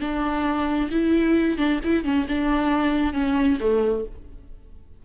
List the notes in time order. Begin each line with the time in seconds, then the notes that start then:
0.00 D4
0.91 E4
1.58 D4
1.84 E4
2.04 C#4
2.28 D4
3.13 C#4
3.60 A3